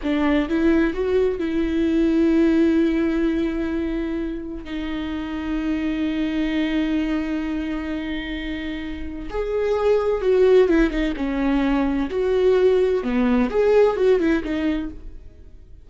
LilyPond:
\new Staff \with { instrumentName = "viola" } { \time 4/4 \tempo 4 = 129 d'4 e'4 fis'4 e'4~ | e'1~ | e'2 dis'2~ | dis'1~ |
dis'1 | gis'2 fis'4 e'8 dis'8 | cis'2 fis'2 | b4 gis'4 fis'8 e'8 dis'4 | }